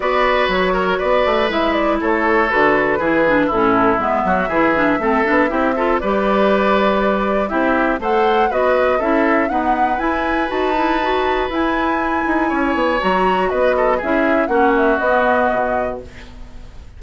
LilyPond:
<<
  \new Staff \with { instrumentName = "flute" } { \time 4/4 \tempo 4 = 120 d''4 cis''4 d''4 e''8 d''8 | cis''4 b'2 a'4 | e''1 | d''2. e''4 |
fis''4 dis''4 e''4 fis''4 | gis''4 a''2 gis''4~ | gis''2 ais''4 dis''4 | e''4 fis''8 e''8 dis''2 | }
  \new Staff \with { instrumentName = "oboe" } { \time 4/4 b'4. ais'8 b'2 | a'2 gis'4 e'4~ | e'8 fis'8 gis'4 a'4 g'8 a'8 | b'2. g'4 |
c''4 b'4 a'4 b'4~ | b'1~ | b'4 cis''2 b'8 a'8 | gis'4 fis'2. | }
  \new Staff \with { instrumentName = "clarinet" } { \time 4/4 fis'2. e'4~ | e'4 fis'4 e'8 d'8 cis'4 | b4 e'8 d'8 c'8 d'8 e'8 f'8 | g'2. e'4 |
a'4 fis'4 e'4 b4 | e'4 fis'8 e'8 fis'4 e'4~ | e'2 fis'2 | e'4 cis'4 b2 | }
  \new Staff \with { instrumentName = "bassoon" } { \time 4/4 b4 fis4 b8 a8 gis4 | a4 d4 e4 a,4 | gis8 fis8 e4 a8 b8 c'4 | g2. c'4 |
a4 b4 cis'4 dis'4 | e'4 dis'2 e'4~ | e'8 dis'8 cis'8 b8 fis4 b4 | cis'4 ais4 b4 b,4 | }
>>